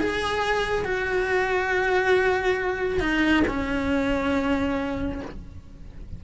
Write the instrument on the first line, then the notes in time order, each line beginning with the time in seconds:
cello
0.00 G#4
0.84 F#4
3.00 D#4
3.47 C#4